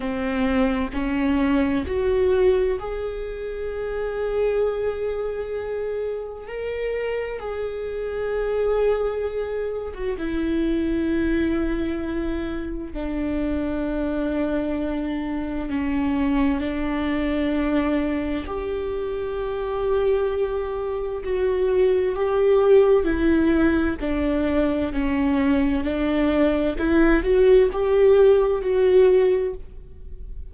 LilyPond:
\new Staff \with { instrumentName = "viola" } { \time 4/4 \tempo 4 = 65 c'4 cis'4 fis'4 gis'4~ | gis'2. ais'4 | gis'2~ gis'8. fis'16 e'4~ | e'2 d'2~ |
d'4 cis'4 d'2 | g'2. fis'4 | g'4 e'4 d'4 cis'4 | d'4 e'8 fis'8 g'4 fis'4 | }